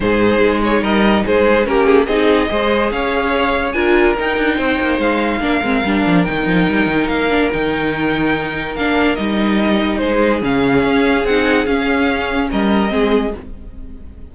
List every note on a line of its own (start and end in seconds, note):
0.00 0.40 G#2
0.00 1.64 D#4
0.00 0.82 G#4
0.00 0.61 C5
0.40 0.82 G#3
0.63 0.83 C#5
0.82 1.23 G3
0.82 1.23 A#4
0.82 1.25 D#5
1.25 1.67 G#3
1.25 1.67 G#4
1.25 1.66 C5
1.64 2.07 A#3
1.64 2.05 C#4
1.64 2.07 G4
1.64 1.86 A#4
1.86 2.06 G#4
2.06 2.49 C4
2.06 2.48 D#4
2.06 2.49 G#4
2.06 2.90 D#5
2.48 2.91 G#3
2.48 3.73 G#4
2.48 2.93 C5
2.91 3.74 C#4
2.91 3.75 C#5
2.91 3.72 F5
3.72 4.15 D4
3.72 4.16 F4
3.72 4.56 A#4
3.72 4.14 G#5
4.17 5.41 D#4
4.17 4.37 D#4
4.17 5.00 G5
4.37 4.58 D4
4.56 4.79 C4
4.56 5.39 C5
4.80 4.98 A#3
4.98 5.40 G#3
4.98 6.24 F5
5.40 5.60 A#3
5.40 5.62 D4
5.40 9.98 A#4
5.61 5.82 G#3
5.61 5.85 C4
5.84 6.05 G3
5.84 6.26 D4
6.06 6.27 F3
6.24 6.47 D#3
6.24 7.30 D#4
6.24 7.07 G5
6.47 6.67 F3
6.68 6.86 G3
6.86 7.07 D#3
7.07 7.49 A#3
7.07 7.49 F5
7.30 7.51 D4
7.52 8.75 D#3
7.52 8.77 D#4
7.52 8.75 G5
8.75 9.17 A#3
8.75 9.16 D4
8.75 9.15 F5
9.15 10.00 G3
9.15 10.41 D#4
9.15 9.98 D#5
9.98 10.42 G#3
9.98 12.48 G#4
9.98 10.39 C5
10.41 10.83 C#3
10.41 11.25 C#4
10.41 11.26 F5
10.84 11.24 C#4
11.24 11.66 C4
11.24 11.66 D#4
11.24 11.66 F#5
11.66 12.88 C#4
11.66 12.50 C#4
11.66 12.49 F5
12.51 12.91 G3
12.51 12.92 A#4
12.51 13.35 D#5
12.88 13.33 G#3
12.88 13.30 C4
12.88 13.34 G#4